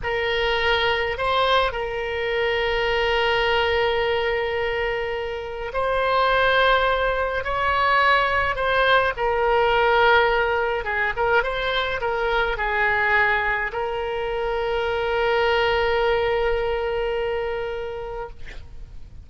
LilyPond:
\new Staff \with { instrumentName = "oboe" } { \time 4/4 \tempo 4 = 105 ais'2 c''4 ais'4~ | ais'1~ | ais'2 c''2~ | c''4 cis''2 c''4 |
ais'2. gis'8 ais'8 | c''4 ais'4 gis'2 | ais'1~ | ais'1 | }